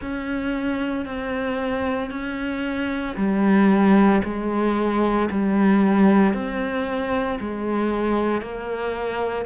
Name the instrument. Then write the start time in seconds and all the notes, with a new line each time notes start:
cello
0.01 C#4
1.05 C4
2.11 C#4
3.16 G3
4.23 G#3
5.31 G3
6.33 C4
7.40 G#3
8.41 A#3